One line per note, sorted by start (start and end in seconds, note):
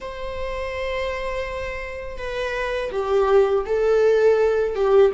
0.00 2.17 C5
2.17 2.90 B4
2.91 3.65 G4
3.66 4.75 A4
4.75 5.11 G4